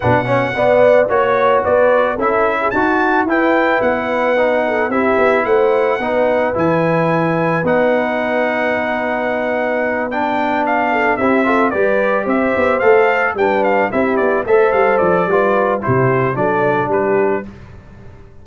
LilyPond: <<
  \new Staff \with { instrumentName = "trumpet" } { \time 4/4 \tempo 4 = 110 fis''2 cis''4 d''4 | e''4 a''4 g''4 fis''4~ | fis''4 e''4 fis''2 | gis''2 fis''2~ |
fis''2~ fis''8 g''4 f''8~ | f''8 e''4 d''4 e''4 f''8~ | f''8 g''8 f''8 e''8 d''8 e''8 f''8 d''8~ | d''4 c''4 d''4 b'4 | }
  \new Staff \with { instrumentName = "horn" } { \time 4/4 b'8 cis''8 d''4 cis''4 b'4 | a'8. gis'16 fis'4 b'2~ | b'8 a'8 g'4 c''4 b'4~ | b'1~ |
b'1 | a'8 g'8 a'8 b'4 c''4.~ | c''8 b'4 g'4 c''4. | b'4 g'4 a'4 g'4 | }
  \new Staff \with { instrumentName = "trombone" } { \time 4/4 d'8 cis'8 b4 fis'2 | e'4 fis'4 e'2 | dis'4 e'2 dis'4 | e'2 dis'2~ |
dis'2~ dis'8 d'4.~ | d'8 e'8 f'8 g'2 a'8~ | a'8 d'4 e'4 a'4. | f'4 e'4 d'2 | }
  \new Staff \with { instrumentName = "tuba" } { \time 4/4 b,4 b4 ais4 b4 | cis'4 dis'4 e'4 b4~ | b4 c'8 b8 a4 b4 | e2 b2~ |
b1~ | b8 c'4 g4 c'8 b8 a8~ | a8 g4 c'8 b8 a8 g8 f8 | g4 c4 fis4 g4 | }
>>